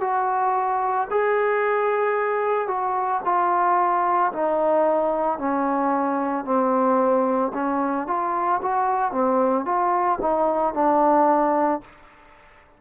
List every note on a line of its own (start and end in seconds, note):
0.00 1.07 F#4
1.10 2.67 G#4
2.67 3.20 F#4
3.24 4.31 F4
4.32 5.38 D#4
5.38 6.44 C#4
6.44 7.51 C4
7.53 8.06 C#4
8.07 8.61 F4
8.62 9.11 F#4
9.11 9.65 C4
9.65 10.18 F4
10.21 10.73 D#4
10.73 11.81 D4